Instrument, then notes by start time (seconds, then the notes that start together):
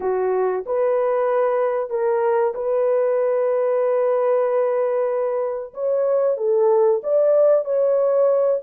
horn
0.00 F#4
0.66 B4
1.89 A#4
2.54 B4
5.74 C#5
6.37 A4
7.03 D5
7.65 C#5